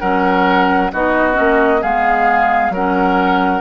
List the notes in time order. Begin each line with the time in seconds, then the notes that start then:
0.00 F#3 C#4 A#4 F#5
0.93 B3 D#4 F#4 D#5
1.34 C#4
1.40 A#3
1.81 G#3 B3 G#4 F5
2.70 F#3 C#4 A#4 F#5